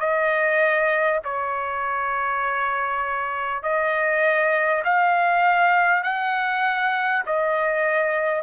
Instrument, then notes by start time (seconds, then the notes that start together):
trumpet
0.00 D#5
1.25 C#5
3.63 D#5
4.85 F5
6.03 F#5
7.26 D#5